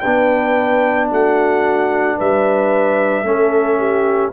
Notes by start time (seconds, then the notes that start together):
0.00 B3 D4 B4 G5
1.11 A3 F#4 F#5
2.17 G3 B4 E5
3.23 A3 C#4 A4
3.78 G4